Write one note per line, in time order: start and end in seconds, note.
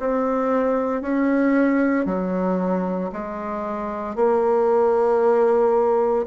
0.00 1.02 C4
1.02 2.06 C#4
2.06 3.11 F#3
3.13 4.16 G#3
4.16 6.26 A#3